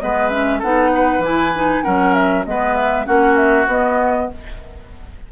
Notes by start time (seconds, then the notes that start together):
0.00 G#3 B3 B4 D#5
0.29 C#4 E5
0.59 B3 D#4 A4 F#5
0.95 B4
1.19 E3 E4 G#5
1.55 D#4
1.83 F#3 C#4 A#4 F#5
2.14 E5
2.46 G#3 B3 B4 D#5
2.76 E5
3.05 A#3 C#4 F#4 F#5
3.37 E5
3.66 B3 D#5